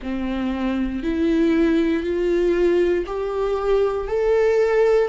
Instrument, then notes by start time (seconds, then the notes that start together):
viola
0.02 C4
1.03 E4
2.03 F4
3.06 G4
4.07 A4